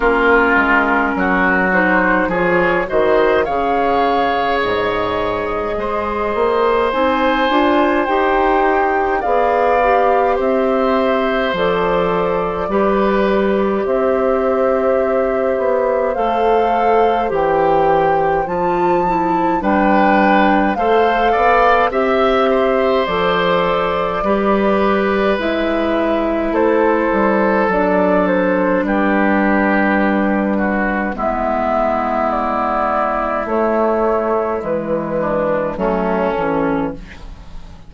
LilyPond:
<<
  \new Staff \with { instrumentName = "flute" } { \time 4/4 \tempo 4 = 52 ais'4. c''8 cis''8 dis''8 f''4 | dis''2 gis''4 g''4 | f''4 e''4 d''2 | e''2 f''4 g''4 |
a''4 g''4 f''4 e''4 | d''2 e''4 c''4 | d''8 c''8 b'2 e''4 | d''4 cis''4 b'4 a'4 | }
  \new Staff \with { instrumentName = "oboe" } { \time 4/4 f'4 fis'4 gis'8 c''8 cis''4~ | cis''4 c''2. | d''4 c''2 b'4 | c''1~ |
c''4 b'4 c''8 d''8 e''8 c''8~ | c''4 b'2 a'4~ | a'4 g'4. fis'8 e'4~ | e'2~ e'8 d'8 cis'4 | }
  \new Staff \with { instrumentName = "clarinet" } { \time 4/4 cis'4. dis'8 f'8 fis'8 gis'4~ | gis'2 dis'8 f'8 g'4 | gis'8 g'4. a'4 g'4~ | g'2 a'4 g'4 |
f'8 e'8 d'4 a'4 g'4 | a'4 g'4 e'2 | d'2. b4~ | b4 a4 gis4 a8 cis'8 | }
  \new Staff \with { instrumentName = "bassoon" } { \time 4/4 ais8 gis8 fis4 f8 dis8 cis4 | gis,4 gis8 ais8 c'8 d'8 dis'4 | b4 c'4 f4 g4 | c'4. b8 a4 e4 |
f4 g4 a8 b8 c'4 | f4 g4 gis4 a8 g8 | fis4 g2 gis4~ | gis4 a4 e4 fis8 e8 | }
>>